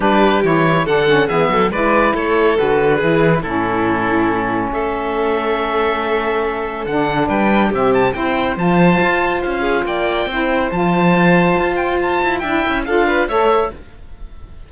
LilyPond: <<
  \new Staff \with { instrumentName = "oboe" } { \time 4/4 \tempo 4 = 140 b'4 cis''4 fis''4 e''4 | d''4 cis''4 b'2 | a'2. e''4~ | e''1 |
fis''4 g''4 e''8 a''8 g''4 | a''2 f''4 g''4~ | g''4 a''2~ a''8 g''8 | a''4 g''4 f''4 e''4 | }
  \new Staff \with { instrumentName = "violin" } { \time 4/4 g'2 a'4 gis'8 a'8 | b'4 a'2 gis'4 | e'2. a'4~ | a'1~ |
a'4 b'4 g'4 c''4~ | c''2~ c''8 gis'8 d''4 | c''1~ | c''4 e''4 a'8 b'8 cis''4 | }
  \new Staff \with { instrumentName = "saxophone" } { \time 4/4 d'4 e'4 d'8 cis'8 b4 | e'2 fis'4 e'4 | cis'1~ | cis'1 |
d'2 c'4 e'4 | f'1 | e'4 f'2.~ | f'4 e'4 f'4 a'4 | }
  \new Staff \with { instrumentName = "cello" } { \time 4/4 g4 e4 d4 e8 fis8 | gis4 a4 d4 e4 | a,2. a4~ | a1 |
d4 g4 c4 c'4 | f4 f'4 cis'4 ais4 | c'4 f2 f'4~ | f'8 e'8 d'8 cis'8 d'4 a4 | }
>>